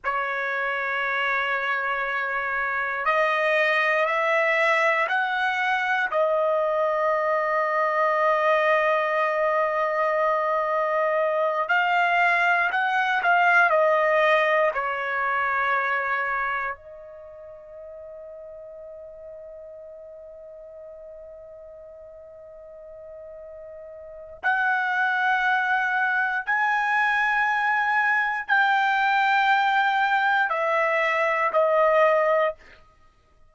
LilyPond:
\new Staff \with { instrumentName = "trumpet" } { \time 4/4 \tempo 4 = 59 cis''2. dis''4 | e''4 fis''4 dis''2~ | dis''2.~ dis''8 f''8~ | f''8 fis''8 f''8 dis''4 cis''4.~ |
cis''8 dis''2.~ dis''8~ | dis''1 | fis''2 gis''2 | g''2 e''4 dis''4 | }